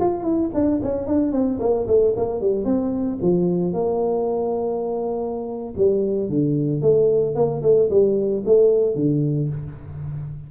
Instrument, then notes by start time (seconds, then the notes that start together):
tuba
0.00 F4
0.23 E4
0.54 D4
0.83 C#4
1.07 D4
1.32 C4
1.60 A#3
1.87 A3
2.17 A#3
2.41 G3
2.65 C4
3.22 F3
3.73 A#3
5.77 G3
6.29 D3
6.82 A3
7.35 A#3
7.63 A3
7.90 G3
8.46 A3
8.96 D3